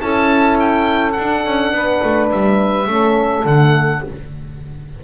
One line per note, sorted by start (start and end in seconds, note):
0.00 1.16 C#4
0.00 1.14 E4
0.00 1.74 A4
0.00 0.58 A5
0.60 1.13 G5
1.13 1.46 D4
1.13 2.88 D4
1.13 2.27 F#5
1.46 1.72 C#4
1.72 2.01 B3
1.72 2.89 B4
2.04 2.32 A3
2.32 2.87 G3
2.32 3.46 E5
2.87 3.45 A3
2.87 3.45 C#4
2.87 4.05 A4
3.45 4.02 D3
3.45 4.03 A3
3.45 4.04 F#5